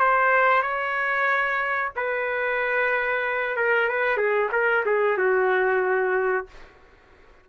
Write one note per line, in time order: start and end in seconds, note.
0.00 0.62 C5
0.62 1.91 C#5
1.96 3.57 B4
3.57 3.89 A#4
3.89 4.17 B4
4.17 4.50 G#4
4.52 4.84 A#4
4.86 5.18 G#4
5.18 6.47 F#4